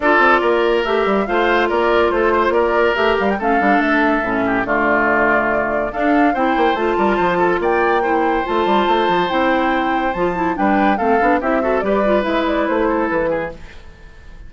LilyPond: <<
  \new Staff \with { instrumentName = "flute" } { \time 4/4 \tempo 4 = 142 d''2 e''4 f''4 | d''4 c''4 d''4 e''8 f''16 g''16 | f''4 e''2 d''4~ | d''2 f''4 g''4 |
a''2 g''2 | a''2 g''2 | a''4 g''4 f''4 e''4 | d''4 e''8 d''8 c''4 b'4 | }
  \new Staff \with { instrumentName = "oboe" } { \time 4/4 a'4 ais'2 c''4 | ais'4 a'8 c''8 ais'2 | a'2~ a'8 g'8 f'4~ | f'2 a'4 c''4~ |
c''8 ais'8 c''8 a'8 d''4 c''4~ | c''1~ | c''4 b'4 a'4 g'8 a'8 | b'2~ b'8 a'4 gis'8 | }
  \new Staff \with { instrumentName = "clarinet" } { \time 4/4 f'2 g'4 f'4~ | f'2. g'4 | cis'8 d'4. cis'4 a4~ | a2 d'4 e'4 |
f'2. e'4 | f'2 e'2 | f'8 e'8 d'4 c'8 d'8 e'8 fis'8 | g'8 f'8 e'2. | }
  \new Staff \with { instrumentName = "bassoon" } { \time 4/4 d'8 c'8 ais4 a8 g8 a4 | ais4 a4 ais4 a8 g8 | a8 g8 a4 a,4 d4~ | d2 d'4 c'8 ais8 |
a8 g8 f4 ais2 | a8 g8 a8 f8 c'2 | f4 g4 a8 b8 c'4 | g4 gis4 a4 e4 | }
>>